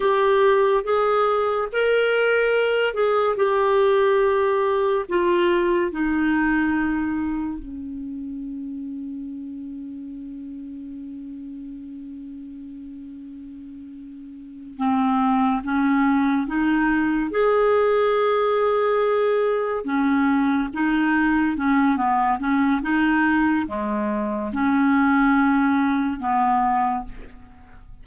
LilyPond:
\new Staff \with { instrumentName = "clarinet" } { \time 4/4 \tempo 4 = 71 g'4 gis'4 ais'4. gis'8 | g'2 f'4 dis'4~ | dis'4 cis'2.~ | cis'1~ |
cis'4. c'4 cis'4 dis'8~ | dis'8 gis'2. cis'8~ | cis'8 dis'4 cis'8 b8 cis'8 dis'4 | gis4 cis'2 b4 | }